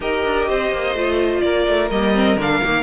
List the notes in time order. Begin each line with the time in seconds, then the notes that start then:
0.00 D#4 G4 A#4 D#5
0.24 D4
0.48 C4 C5
0.72 A#3
0.94 A3 F4
1.40 A#3 A#4 D5
1.67 A3
1.90 G3 A#3 D#5
2.14 C4
2.36 D3 D4 F5
2.62 D#3 A#3